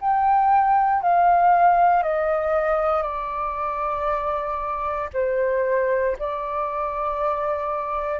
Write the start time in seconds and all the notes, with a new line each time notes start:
0.00 G5
1.02 F5
2.03 D#5
3.02 D5
5.13 C5
6.18 D5